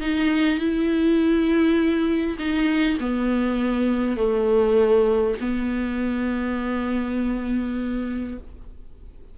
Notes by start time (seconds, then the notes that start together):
0.00 D#4
0.59 E4
2.39 D#4
3.00 B3
4.17 A3
5.40 B3